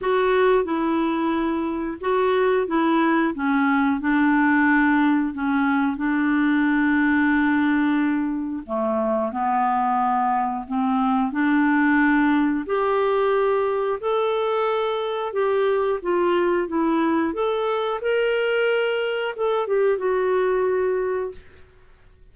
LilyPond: \new Staff \with { instrumentName = "clarinet" } { \time 4/4 \tempo 4 = 90 fis'4 e'2 fis'4 | e'4 cis'4 d'2 | cis'4 d'2.~ | d'4 a4 b2 |
c'4 d'2 g'4~ | g'4 a'2 g'4 | f'4 e'4 a'4 ais'4~ | ais'4 a'8 g'8 fis'2 | }